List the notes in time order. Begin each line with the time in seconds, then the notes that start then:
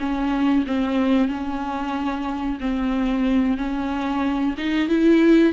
0.00 C#4
0.67 C4
1.29 C#4
2.61 C4
3.58 C#4
4.58 D#4
4.89 E4